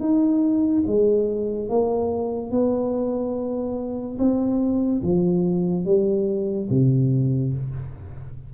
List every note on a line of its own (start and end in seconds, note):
0.00 0.83 D#4
0.87 1.69 G#3
1.69 2.52 A#3
2.52 4.18 B3
4.19 5.02 C4
5.02 5.85 F3
5.85 6.69 G3
6.70 7.53 C3